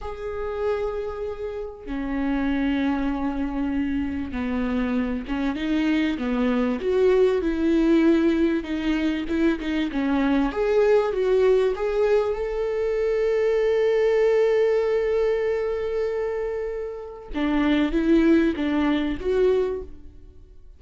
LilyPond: \new Staff \with { instrumentName = "viola" } { \time 4/4 \tempo 4 = 97 gis'2. cis'4~ | cis'2. b4~ | b8 cis'8 dis'4 b4 fis'4 | e'2 dis'4 e'8 dis'8 |
cis'4 gis'4 fis'4 gis'4 | a'1~ | a'1 | d'4 e'4 d'4 fis'4 | }